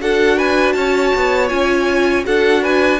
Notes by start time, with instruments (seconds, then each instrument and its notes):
0.00 cello D4, viola F#4, violin A4 F#5
0.37 violin B4 G#5
0.72 cello C#4, violin C#5 A5
1.15 cello B3
1.48 cello C#4, viola F4, violin G#5
2.23 cello D4, viola F#4, violin A4 F#5
2.62 violin B4 G#5